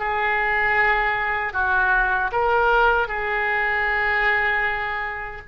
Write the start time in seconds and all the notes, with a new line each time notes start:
0.00 G#4
1.53 F#4
2.32 A#4
3.08 G#4